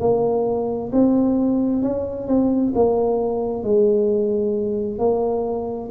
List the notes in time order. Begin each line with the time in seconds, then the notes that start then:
0.00 A#3
0.92 C4
1.82 C#4
2.28 C4
2.75 A#3
3.64 G#3
4.99 A#3